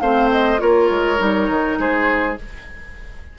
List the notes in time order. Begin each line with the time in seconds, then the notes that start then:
0.00 A3 C4 C5 F5
0.31 D#5
0.58 A#3 F4 A#4 C#5
0.90 G#3
1.18 G3 D#4
1.49 D#3
1.78 G#3 G#4 C5